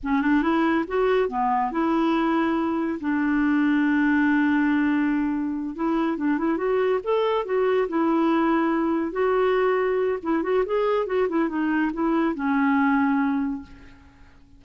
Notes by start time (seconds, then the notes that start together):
0.03 C#4
0.21 D4
0.42 E4
0.87 F#4
1.29 B3
1.71 E4
3.00 D4
5.75 E4
6.17 D4
6.37 E4
6.57 F#4
7.03 A4
7.45 F#4
7.88 E4
9.12 F#4
10.22 E4
10.43 F#4
10.65 G#4
11.06 F#4
11.28 E4
11.48 D#4
11.93 E4
12.34 C#4